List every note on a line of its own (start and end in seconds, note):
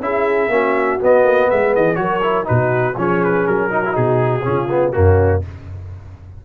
0.00 0.49 C#4
0.00 0.50 E4
0.00 0.51 G#4
0.00 1.01 E5
0.49 0.98 A#3
0.49 0.99 C#4
0.49 1.49 F#4
1.00 1.95 B3
1.00 1.24 B3
1.00 1.50 D#5
1.24 1.48 A#3
1.50 1.76 G#3
1.50 1.74 B4
1.50 1.75 E5
1.74 1.98 E3
1.74 1.99 G#4
1.74 1.96 D#5
1.95 2.47 F#3
1.95 2.20 F#4
1.95 2.48 A#4
1.95 2.45 C#5
2.23 2.44 E4
2.44 2.97 B2
2.44 2.93 D#4
2.44 2.97 F#4
2.44 2.97 B4
2.97 3.46 F3
2.97 3.71 C#4
2.97 3.71 G#4
2.97 3.24 C#5
3.24 3.47 B4
3.47 3.97 F#3
3.47 3.96 A#4
3.71 3.83 D#4
3.71 4.45 F#4
3.85 3.91 E4
3.91 4.46 B2
3.91 4.41 D#4
3.91 4.92 G#4
4.44 4.96 C#3
4.44 4.68 C#4
4.44 4.94 F4
4.70 4.93 B3
4.92 5.45 F#2
4.92 5.42 A#3
4.92 5.44 C#4
4.92 5.42 F#4